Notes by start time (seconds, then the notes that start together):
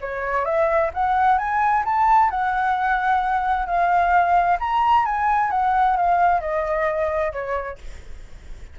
0.00 C#5
0.45 E5
0.93 F#5
1.38 G#5
1.84 A5
2.30 F#5
3.66 F5
4.59 A#5
5.05 G#5
5.50 F#5
5.96 F5
6.40 D#5
7.32 C#5